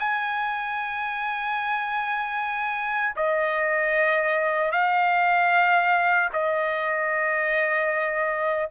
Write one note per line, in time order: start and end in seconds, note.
0.00 3.16 G#5
3.17 4.72 D#5
4.72 6.30 F5
6.33 8.70 D#5